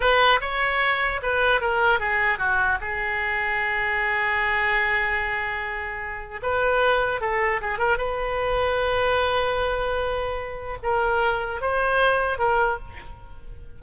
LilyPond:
\new Staff \with { instrumentName = "oboe" } { \time 4/4 \tempo 4 = 150 b'4 cis''2 b'4 | ais'4 gis'4 fis'4 gis'4~ | gis'1~ | gis'1 |
b'2 a'4 gis'8 ais'8 | b'1~ | b'2. ais'4~ | ais'4 c''2 ais'4 | }